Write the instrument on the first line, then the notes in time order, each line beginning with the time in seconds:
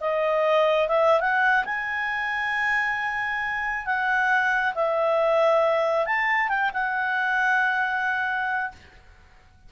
clarinet
0.00 D#5
0.88 E5
1.20 F#5
1.65 G#5
3.85 F#5
4.74 E5
6.05 A5
6.48 G5
6.73 F#5